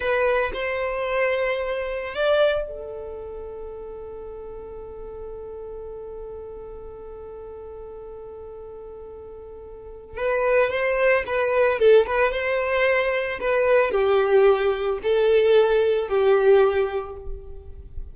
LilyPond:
\new Staff \with { instrumentName = "violin" } { \time 4/4 \tempo 4 = 112 b'4 c''2. | d''4 a'2.~ | a'1~ | a'1~ |
a'2. b'4 | c''4 b'4 a'8 b'8 c''4~ | c''4 b'4 g'2 | a'2 g'2 | }